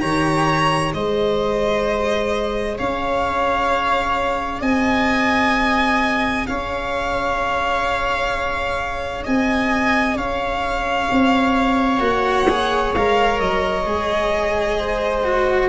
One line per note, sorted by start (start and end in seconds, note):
0.00 0.94 D#3
0.00 0.92 G4
0.00 0.94 C#5
0.00 0.92 A#5
0.92 2.79 G#3
0.92 12.00 G#4
0.92 2.77 C5
0.92 2.78 D#5
2.77 4.61 C#4
2.77 4.61 C#5
2.77 4.62 F5
4.61 6.46 C4
4.61 6.45 D#5
4.61 6.47 G#5
6.47 9.25 C#4
6.47 9.24 C#5
6.47 9.24 F5
9.24 10.16 C4
9.24 10.16 D#5
9.24 10.17 G#5
10.16 11.08 C#4
10.16 14.78 C#5
10.16 12.02 F5
11.11 11.99 C4
11.99 12.91 A#3
11.99 12.46 F#4
11.99 12.94 F#5
12.49 12.95 G#4
12.94 13.40 G#3
12.94 13.86 A#4
12.94 13.40 F5
13.40 13.86 F#3
13.40 15.69 D#5
13.86 15.69 G#3
13.86 15.24 G#4
14.78 15.69 C5
15.24 15.69 F#4